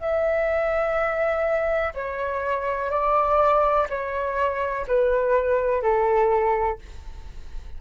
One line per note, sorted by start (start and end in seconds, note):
0.00 1.94 E5
1.94 2.91 C#5
2.91 3.88 D5
3.89 4.86 C#5
4.87 5.82 B4
5.82 6.79 A4